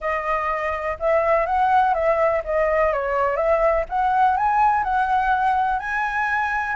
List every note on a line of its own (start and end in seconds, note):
0.00 0.97 D#5
0.99 1.46 E5
1.46 1.94 F#5
1.94 2.42 E5
2.44 2.92 D#5
2.92 3.36 C#5
3.36 3.85 E5
3.89 4.37 F#5
4.37 4.83 G#5
4.83 5.79 F#5
5.79 6.75 G#5